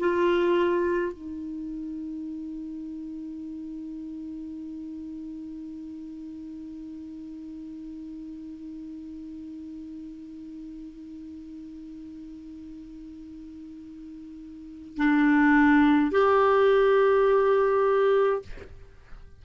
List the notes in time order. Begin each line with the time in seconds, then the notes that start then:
0.00 F4
1.13 D#4
14.97 D4
16.12 G4